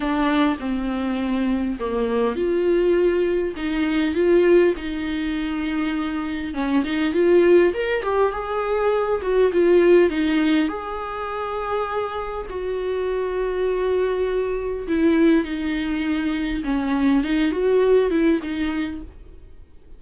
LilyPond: \new Staff \with { instrumentName = "viola" } { \time 4/4 \tempo 4 = 101 d'4 c'2 ais4 | f'2 dis'4 f'4 | dis'2. cis'8 dis'8 | f'4 ais'8 g'8 gis'4. fis'8 |
f'4 dis'4 gis'2~ | gis'4 fis'2.~ | fis'4 e'4 dis'2 | cis'4 dis'8 fis'4 e'8 dis'4 | }